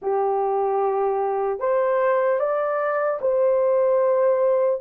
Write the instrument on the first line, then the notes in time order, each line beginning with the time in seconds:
horn
0.01 G4
1.59 C5
2.39 D5
3.21 C5